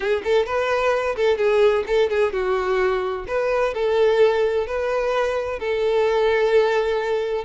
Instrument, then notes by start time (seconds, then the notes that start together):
violin
0.00 G#4
0.23 A4
0.45 B4
1.15 A4
1.37 G#4
1.86 A4
2.09 G#4
2.32 F#4
3.27 B4
3.74 A4
4.66 B4
5.59 A4